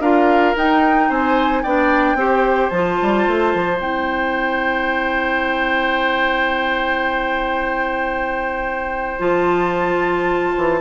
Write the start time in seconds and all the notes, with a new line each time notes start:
0.00 D4 F4 A#4 F5
0.56 D#4 G5
1.09 C4 C5 G#5
1.63 B3 D4 D5 G5
2.15 C4 G4 C5
2.70 F3 F4 A5
3.02 G3
3.27 A3
3.55 F3
3.77 C4 E4 G5
9.19 F3 F4 A5
10.57 E3